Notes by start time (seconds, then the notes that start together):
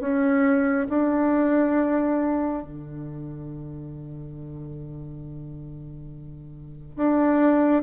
0.00 C#4
0.89 D4
2.62 D3
6.96 D4